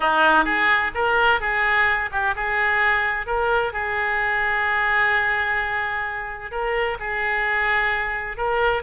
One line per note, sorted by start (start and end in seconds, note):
0.00 0.44 D#4
0.44 0.91 G#4
0.94 1.40 A#4
1.40 2.10 G#4
2.11 2.34 G4
2.35 3.26 G#4
3.26 3.72 A#4
3.72 6.51 G#4
6.51 6.97 A#4
6.99 8.37 G#4
8.37 8.82 A#4